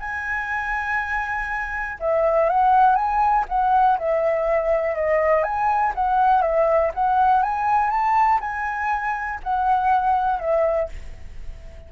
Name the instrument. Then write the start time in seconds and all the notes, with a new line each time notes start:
flute
0.00 G#5
2.00 E5
2.49 F#5
2.96 G#5
3.49 F#5
3.99 E5
4.95 D#5
5.43 G#5
5.95 F#5
6.42 E5
6.94 F#5
7.43 G#5
7.90 A5
8.41 G#5
9.43 F#5
10.39 E5